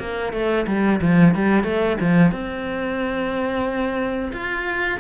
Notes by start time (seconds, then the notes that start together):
0.00 A#3
0.33 A3
0.68 G3
1.02 F3
1.35 G3
1.64 A3
2.01 F3
2.32 C4
4.33 F4